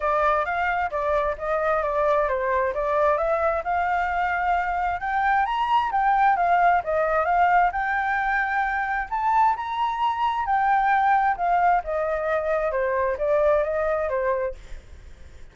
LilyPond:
\new Staff \with { instrumentName = "flute" } { \time 4/4 \tempo 4 = 132 d''4 f''4 d''4 dis''4 | d''4 c''4 d''4 e''4 | f''2. g''4 | ais''4 g''4 f''4 dis''4 |
f''4 g''2. | a''4 ais''2 g''4~ | g''4 f''4 dis''2 | c''4 d''4 dis''4 c''4 | }